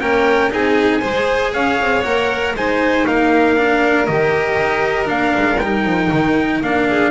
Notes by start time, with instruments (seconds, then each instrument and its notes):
0.00 double bass A#3, cello C#4, violin A#4, trumpet G5
0.50 double bass C4, cello D#4, violin G#4, trumpet G#5
1.01 double bass G#3, cello G#4, violin C5
1.53 double bass C#4, violin C#5, trumpet F5
1.80 double bass C4
2.02 double bass A#3, cello A#4, trumpet F#5
2.54 double bass G#3, cello D#4, violin C5, trumpet G#5
3.06 double bass A#3, violin A#4, trumpet F5
3.56 cello D4
4.06 double bass D#3, cello G4, trumpet D#5
4.60 double bass D#4
5.05 double bass A#3, cello D4, trumpet F5
5.37 double bass G#3
5.58 double bass G3, cello D#4, trumpet G5
5.85 double bass F3
6.11 double bass D#3
6.61 double bass A#3, cello D4, trumpet F5
6.88 violin G#4